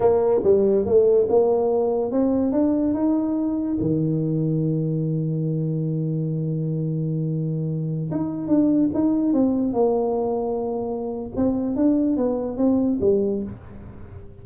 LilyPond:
\new Staff \with { instrumentName = "tuba" } { \time 4/4 \tempo 4 = 143 ais4 g4 a4 ais4~ | ais4 c'4 d'4 dis'4~ | dis'4 dis2.~ | dis1~ |
dis2.~ dis16 dis'8.~ | dis'16 d'4 dis'4 c'4 ais8.~ | ais2. c'4 | d'4 b4 c'4 g4 | }